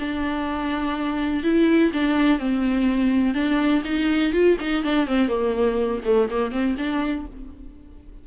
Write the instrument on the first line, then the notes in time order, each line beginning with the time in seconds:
viola
0.00 D4
1.44 E4
1.93 D4
2.40 C4
3.35 D4
3.85 D#4
4.33 F4
4.61 D#4
4.84 D4
5.07 C4
5.29 A#3
6.05 A3
6.31 A#3
6.52 C4
6.78 D4